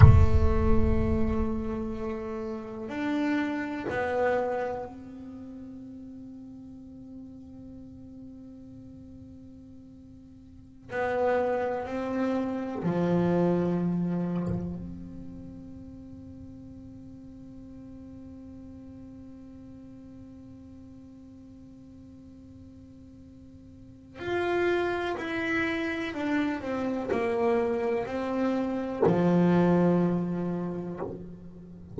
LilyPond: \new Staff \with { instrumentName = "double bass" } { \time 4/4 \tempo 4 = 62 a2. d'4 | b4 c'2.~ | c'2.~ c'16 b8.~ | b16 c'4 f2 c'8.~ |
c'1~ | c'1~ | c'4 f'4 e'4 d'8 c'8 | ais4 c'4 f2 | }